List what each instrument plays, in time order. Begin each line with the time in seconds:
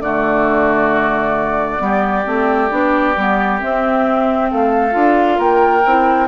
0.00 bassoon D3, clarinet A3, oboe F#4, flute D5
1.78 bassoon G3, clarinet B3, oboe G4
2.24 bassoon A3, clarinet C4
2.69 bassoon B3, clarinet D4
3.16 bassoon G3, clarinet B3
3.59 clarinet C4, bassoon C4, flute E5
4.50 bassoon A3, oboe A4, flute F5
4.91 bassoon D4, clarinet F4
5.37 bassoon A#3, oboe A#4, flute G5
5.85 bassoon C4, clarinet E4